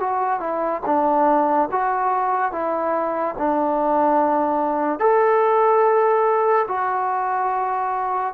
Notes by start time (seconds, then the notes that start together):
0.00 F#4
0.40 E4
0.86 D4
1.72 F#4
2.52 E4
3.39 D4
5.00 A4
6.68 F#4